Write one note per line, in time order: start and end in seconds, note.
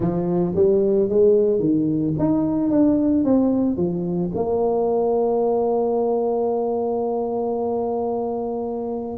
0.00 0.54 F3
0.55 1.09 G3
1.09 1.59 G#3
1.59 2.13 D#3
2.18 2.70 D#4
2.70 3.24 D4
3.24 3.77 C4
3.77 4.31 F3
4.34 9.17 A#3